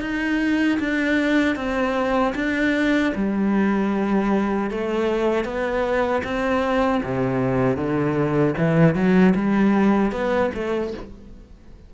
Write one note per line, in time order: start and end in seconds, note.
0.00 0.78 D#4
0.79 1.55 D4
1.55 2.33 C4
2.34 3.12 D4
3.15 4.70 G3
4.70 5.44 A3
5.44 6.22 B3
6.23 7.01 C4
7.03 7.76 C3
7.76 8.54 D3
8.57 8.94 E3
8.94 9.33 F#3
9.35 10.11 G3
10.11 10.50 B3
10.54 10.93 A3